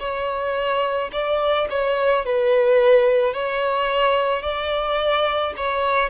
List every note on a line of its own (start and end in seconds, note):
0.00 1.11 C#5
1.13 1.69 D5
1.70 2.26 C#5
2.26 3.34 B4
3.34 4.43 C#5
4.43 5.54 D5
5.58 6.10 C#5